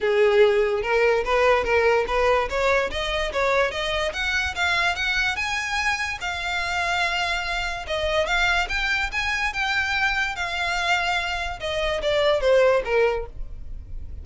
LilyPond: \new Staff \with { instrumentName = "violin" } { \time 4/4 \tempo 4 = 145 gis'2 ais'4 b'4 | ais'4 b'4 cis''4 dis''4 | cis''4 dis''4 fis''4 f''4 | fis''4 gis''2 f''4~ |
f''2. dis''4 | f''4 g''4 gis''4 g''4~ | g''4 f''2. | dis''4 d''4 c''4 ais'4 | }